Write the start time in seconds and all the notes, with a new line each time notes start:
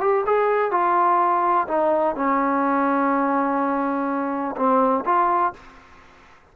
0.00 G4
0.26 G#4
0.71 F4
1.67 D#4
2.15 C#4
4.56 C4
5.05 F4